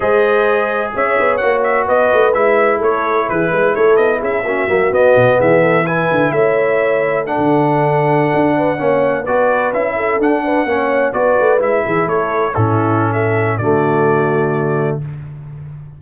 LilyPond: <<
  \new Staff \with { instrumentName = "trumpet" } { \time 4/4 \tempo 4 = 128 dis''2 e''4 fis''8 e''8 | dis''4 e''4 cis''4 b'4 | cis''8 dis''8 e''4. dis''4 e''8~ | e''8 gis''4 e''2 fis''8~ |
fis''2.~ fis''8. d''16~ | d''8. e''4 fis''2 d''16~ | d''8. e''4 cis''4 a'4~ a'16 | e''4 d''2. | }
  \new Staff \with { instrumentName = "horn" } { \time 4/4 c''2 cis''2 | b'2 a'4 gis'8 b'8 | a'4 gis'8 fis'2 gis'8 | a'8 b'4 cis''2 a'8~ |
a'2~ a'16 b'8 cis''4 b'16~ | b'4~ b'16 a'4 b'8 cis''4 b'16~ | b'4~ b'16 gis'8 a'4 e'4~ e'16 | a'4 fis'2. | }
  \new Staff \with { instrumentName = "trombone" } { \time 4/4 gis'2. fis'4~ | fis'4 e'2.~ | e'4. cis'8 ais8 b4.~ | b8 e'2. d'8~ |
d'2~ d'8. cis'4 fis'16~ | fis'8. e'4 d'4 cis'4 fis'16~ | fis'8. e'2 cis'4~ cis'16~ | cis'4 a2. | }
  \new Staff \with { instrumentName = "tuba" } { \time 4/4 gis2 cis'8 b8 ais4 | b8 a8 gis4 a4 e8 gis8 | a8 b8 cis'8 ais8 fis8 b8 b,8 e8~ | e4 d8 a2~ a16 d16~ |
d4.~ d16 d'4 ais4 b16~ | b8. cis'4 d'4 ais4 b16~ | b16 a8 gis8 e8 a4 a,4~ a,16~ | a,4 d2. | }
>>